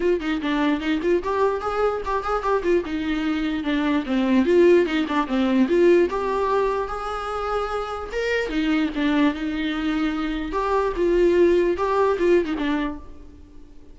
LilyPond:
\new Staff \with { instrumentName = "viola" } { \time 4/4 \tempo 4 = 148 f'8 dis'8 d'4 dis'8 f'8 g'4 | gis'4 g'8 gis'8 g'8 f'8 dis'4~ | dis'4 d'4 c'4 f'4 | dis'8 d'8 c'4 f'4 g'4~ |
g'4 gis'2. | ais'4 dis'4 d'4 dis'4~ | dis'2 g'4 f'4~ | f'4 g'4 f'8. dis'16 d'4 | }